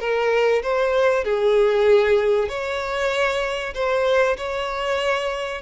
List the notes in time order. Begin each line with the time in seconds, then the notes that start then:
0.00 A#4
0.63 C5
1.24 G#4
2.49 C#5
3.74 C5
4.37 C#5